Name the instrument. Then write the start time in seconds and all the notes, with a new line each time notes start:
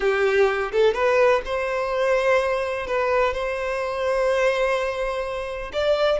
violin
0.00 G4
0.72 A4
0.94 B4
1.45 C5
2.87 B4
3.33 C5
5.72 D5